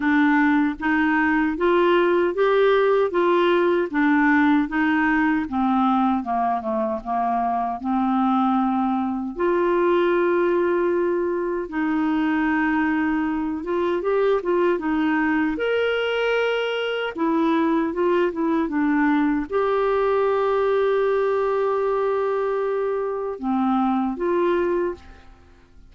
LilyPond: \new Staff \with { instrumentName = "clarinet" } { \time 4/4 \tempo 4 = 77 d'4 dis'4 f'4 g'4 | f'4 d'4 dis'4 c'4 | ais8 a8 ais4 c'2 | f'2. dis'4~ |
dis'4. f'8 g'8 f'8 dis'4 | ais'2 e'4 f'8 e'8 | d'4 g'2.~ | g'2 c'4 f'4 | }